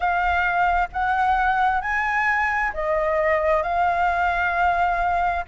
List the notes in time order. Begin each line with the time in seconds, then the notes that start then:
0.00 F5
0.92 F#5
1.81 G#5
2.73 D#5
3.62 F5